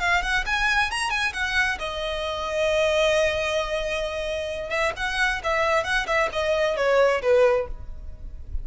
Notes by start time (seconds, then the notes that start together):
0.00 F5
0.22 F#5
0.46 G#5
0.91 A#5
1.11 G#5
1.33 F#5
1.79 D#5
4.70 E5
4.97 F#5
5.44 E5
5.84 F#5
6.07 E5
6.33 D#5
6.77 C#5
7.22 B4